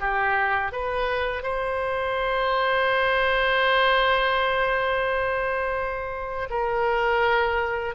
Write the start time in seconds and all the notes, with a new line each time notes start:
0.00 G4
0.72 B4
1.43 C5
6.50 A#4